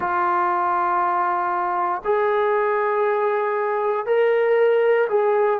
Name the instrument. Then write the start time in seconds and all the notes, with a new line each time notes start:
trombone
0.00 F4
2.04 G#4
4.05 A#4
5.08 G#4